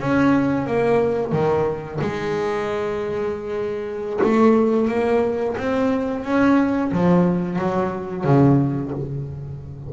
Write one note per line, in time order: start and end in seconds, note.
0.00 0.67 C#4
0.67 1.33 A#3
1.33 2.00 D#3
2.01 4.20 G#3
4.23 4.88 A3
4.88 5.56 A#3
5.58 6.24 C4
6.24 6.92 C#4
6.92 7.59 F3
7.59 8.24 F#3
8.24 8.92 C#3